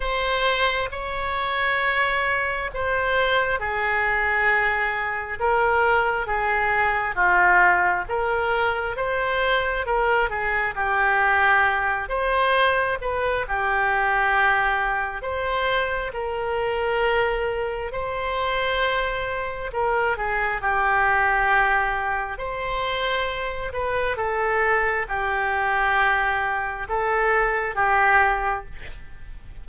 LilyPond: \new Staff \with { instrumentName = "oboe" } { \time 4/4 \tempo 4 = 67 c''4 cis''2 c''4 | gis'2 ais'4 gis'4 | f'4 ais'4 c''4 ais'8 gis'8 | g'4. c''4 b'8 g'4~ |
g'4 c''4 ais'2 | c''2 ais'8 gis'8 g'4~ | g'4 c''4. b'8 a'4 | g'2 a'4 g'4 | }